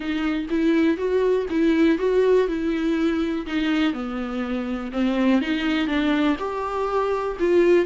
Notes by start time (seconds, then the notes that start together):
0.00 D#4
0.50 E4
0.97 F#4
1.50 E4
1.98 F#4
2.47 E4
3.46 D#4
3.93 B3
4.92 C4
5.41 D#4
5.87 D4
6.38 G4
7.39 F4